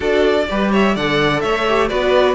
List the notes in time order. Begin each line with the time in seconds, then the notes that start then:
0.00 D4 F#4 A4 D5
0.48 G3 G4 B4
0.71 C#5 E5
0.94 D3 A4 D5 F#5
1.40 A3 C#5 E5
1.69 G4
1.88 B3 F#4 B4 D5